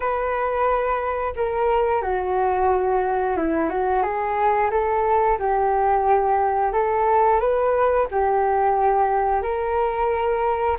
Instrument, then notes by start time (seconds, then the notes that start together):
flute
0.00 B4
1.36 A#4
2.01 F#4
3.36 E4
3.69 F#4
4.02 G#4
4.70 A4
5.38 G4
6.72 A4
7.39 B4
8.11 G4
9.42 A#4